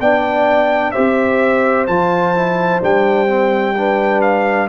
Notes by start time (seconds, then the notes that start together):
0.00 B3 D4 D5 G5
0.91 G4 C5 E5
0.97 C4
1.87 F3 F4 A5
2.35 E4
2.81 G3 D4 G5
3.27 C4
3.77 D4 B4
4.21 F5